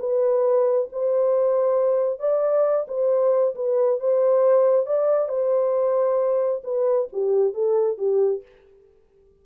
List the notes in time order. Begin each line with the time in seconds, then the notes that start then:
0.00 B4
0.93 C5
2.20 D5
2.88 C5
3.56 B4
4.00 C5
4.86 D5
5.29 C5
6.64 B4
7.13 G4
7.54 A4
7.98 G4